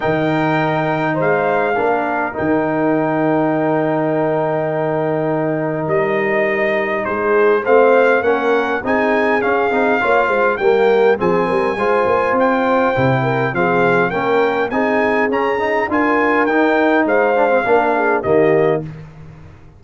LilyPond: <<
  \new Staff \with { instrumentName = "trumpet" } { \time 4/4 \tempo 4 = 102 g''2 f''2 | g''1~ | g''2 dis''2 | c''4 f''4 fis''4 gis''4 |
f''2 g''4 gis''4~ | gis''4 g''2 f''4 | g''4 gis''4 ais''4 gis''4 | g''4 f''2 dis''4 | }
  \new Staff \with { instrumentName = "horn" } { \time 4/4 ais'2 c''4 ais'4~ | ais'1~ | ais'1 | gis'4 c''4 ais'4 gis'4~ |
gis'4 cis''8 c''8 ais'4 gis'8 ais'8 | c''2~ c''8 ais'8 gis'4 | ais'4 gis'2 ais'4~ | ais'4 c''4 ais'8 gis'8 g'4 | }
  \new Staff \with { instrumentName = "trombone" } { \time 4/4 dis'2. d'4 | dis'1~ | dis'1~ | dis'4 c'4 cis'4 dis'4 |
cis'8 dis'8 f'4 ais4 c'4 | f'2 e'4 c'4 | cis'4 dis'4 cis'8 dis'8 f'4 | dis'4. d'16 c'16 d'4 ais4 | }
  \new Staff \with { instrumentName = "tuba" } { \time 4/4 dis2 gis4 ais4 | dis1~ | dis2 g2 | gis4 a4 ais4 c'4 |
cis'8 c'8 ais8 gis8 g4 f8 g8 | gis8 ais8 c'4 c4 f4 | ais4 c'4 cis'4 d'4 | dis'4 gis4 ais4 dis4 | }
>>